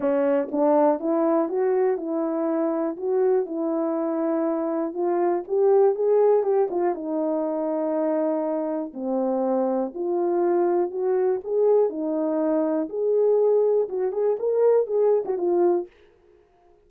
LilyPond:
\new Staff \with { instrumentName = "horn" } { \time 4/4 \tempo 4 = 121 cis'4 d'4 e'4 fis'4 | e'2 fis'4 e'4~ | e'2 f'4 g'4 | gis'4 g'8 f'8 dis'2~ |
dis'2 c'2 | f'2 fis'4 gis'4 | dis'2 gis'2 | fis'8 gis'8 ais'4 gis'8. fis'16 f'4 | }